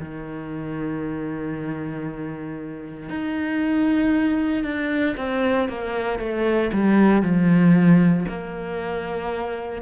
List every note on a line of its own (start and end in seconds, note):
0.00 3.10 D#3
3.10 4.65 D#4
4.65 5.16 D4
5.18 5.69 C4
5.69 6.20 A#3
6.20 6.71 A3
6.73 7.23 G3
7.23 8.26 F3
8.29 9.82 A#3